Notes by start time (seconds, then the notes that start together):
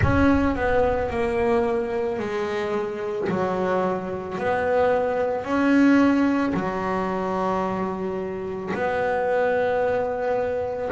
0.02 C#4
0.55 B3
1.10 A#3
2.19 G#3
3.28 F#3
4.37 B3
5.44 C#4
6.54 F#3
8.73 B3